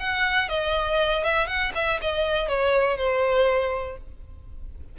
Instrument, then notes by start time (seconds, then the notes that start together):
violin
0.00 F#5
0.49 D#5
1.25 E5
1.47 F#5
1.75 E5
2.02 D#5
2.49 C#5
2.98 C5